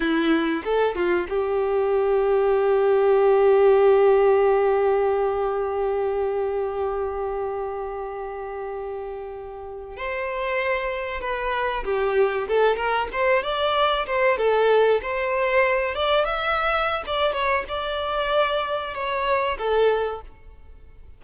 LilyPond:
\new Staff \with { instrumentName = "violin" } { \time 4/4 \tempo 4 = 95 e'4 a'8 f'8 g'2~ | g'1~ | g'1~ | g'2.~ g'8. c''16~ |
c''4.~ c''16 b'4 g'4 a'16~ | a'16 ais'8 c''8 d''4 c''8 a'4 c''16~ | c''4~ c''16 d''8 e''4~ e''16 d''8 cis''8 | d''2 cis''4 a'4 | }